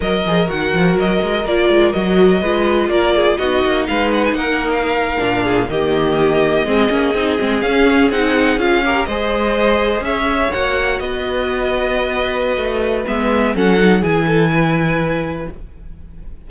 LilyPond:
<<
  \new Staff \with { instrumentName = "violin" } { \time 4/4 \tempo 4 = 124 dis''4 fis''4 dis''4 d''4 | dis''2 d''4 dis''4 | f''8 fis''16 gis''16 fis''8. f''2 dis''16~ | dis''2.~ dis''8. f''16~ |
f''8. fis''4 f''4 dis''4~ dis''16~ | dis''8. e''4 fis''4 dis''4~ dis''16~ | dis''2. e''4 | fis''4 gis''2. | }
  \new Staff \with { instrumentName = "violin" } { \time 4/4 ais'1~ | ais'4 b'4 ais'8 gis'8 fis'4 | b'4 ais'2~ ais'16 gis'8 g'16~ | g'4.~ g'16 gis'2~ gis'16~ |
gis'2~ gis'16 ais'8 c''4~ c''16~ | c''8. cis''2 b'4~ b'16~ | b'1 | a'4 gis'8 a'8 b'2 | }
  \new Staff \with { instrumentName = "viola" } { \time 4/4 ais'8 gis'8 fis'2 f'4 | fis'4 f'2 dis'4~ | dis'2~ dis'8. d'4 ais16~ | ais4.~ ais16 c'8 cis'8 dis'8 c'8 cis'16~ |
cis'8. dis'4 f'8 g'8 gis'4~ gis'16~ | gis'4.~ gis'16 fis'2~ fis'16~ | fis'2. b4 | cis'8 dis'8 e'2. | }
  \new Staff \with { instrumentName = "cello" } { \time 4/4 fis8 f8 dis8 f8 fis8 gis8 ais8 gis8 | fis4 gis4 ais4 b8 ais8 | gis4 ais4.~ ais16 ais,4 dis16~ | dis4.~ dis16 gis8 ais8 c'8 gis8 cis'16~ |
cis'8. c'4 cis'4 gis4~ gis16~ | gis8. cis'4 ais4 b4~ b16~ | b2 a4 gis4 | fis4 e2. | }
>>